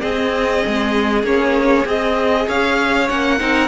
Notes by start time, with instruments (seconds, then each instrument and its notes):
0.00 viola C4, cello C4, violin G#4 D#5
0.66 cello G#3
1.23 cello A#3, viola C#4, violin C#5
1.85 cello C4, viola G#4, violin D#5
2.47 cello C#4, violin C#5 F5
3.08 cello A#3, viola C#4, violin F#5
3.39 cello C4, viola D#4, violin A#4